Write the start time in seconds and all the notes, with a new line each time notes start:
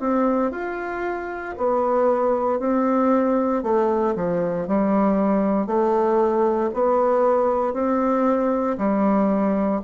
0.00 C4
0.52 F4
1.58 B3
2.60 C4
3.63 A3
4.16 F3
4.67 G3
5.67 A3
6.74 B3
7.74 C4
8.78 G3